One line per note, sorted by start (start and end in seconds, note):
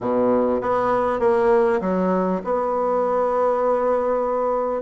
0.00 0.61 B2
0.61 1.19 B3
1.19 1.80 A#3
1.80 2.41 F#3
2.44 4.82 B3